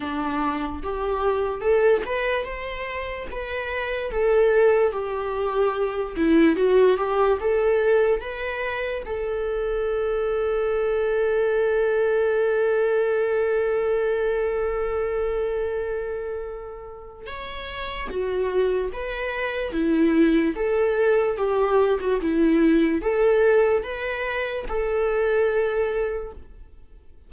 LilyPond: \new Staff \with { instrumentName = "viola" } { \time 4/4 \tempo 4 = 73 d'4 g'4 a'8 b'8 c''4 | b'4 a'4 g'4. e'8 | fis'8 g'8 a'4 b'4 a'4~ | a'1~ |
a'1~ | a'4 cis''4 fis'4 b'4 | e'4 a'4 g'8. fis'16 e'4 | a'4 b'4 a'2 | }